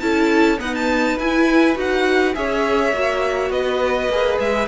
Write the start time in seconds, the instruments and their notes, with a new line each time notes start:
0.00 cello C#4, viola E4, violin A4 A5
0.58 viola B3, cello D#4, violin B4 F#5
0.75 violin A5
1.18 cello E4, viola E4, violin G#5
1.75 cello D#4, viola F#4, violin F#5
2.35 cello C#4, viola G#4, violin C#5 E5
2.92 cello A#3, viola F#4
3.50 cello B3, violin B4 D#5
4.09 cello A#3, viola G#4
4.39 cello G#3, violin E5